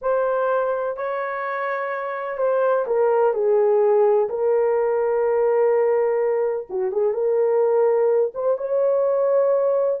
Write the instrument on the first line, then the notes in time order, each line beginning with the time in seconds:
horn
0.01 C5
0.97 C#5
2.37 C5
2.86 A#4
3.33 G#4
4.29 A#4
6.69 F#4
6.92 G#4
7.13 A#4
8.34 C5
8.57 C#5